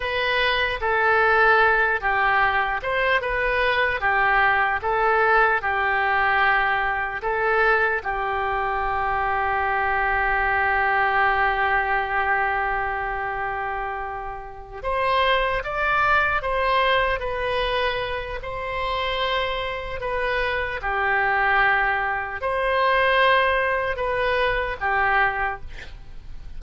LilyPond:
\new Staff \with { instrumentName = "oboe" } { \time 4/4 \tempo 4 = 75 b'4 a'4. g'4 c''8 | b'4 g'4 a'4 g'4~ | g'4 a'4 g'2~ | g'1~ |
g'2~ g'8 c''4 d''8~ | d''8 c''4 b'4. c''4~ | c''4 b'4 g'2 | c''2 b'4 g'4 | }